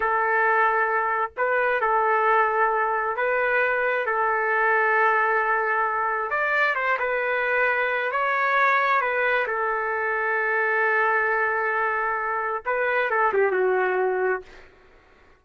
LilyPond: \new Staff \with { instrumentName = "trumpet" } { \time 4/4 \tempo 4 = 133 a'2. b'4 | a'2. b'4~ | b'4 a'2.~ | a'2 d''4 c''8 b'8~ |
b'2 cis''2 | b'4 a'2.~ | a'1 | b'4 a'8 g'8 fis'2 | }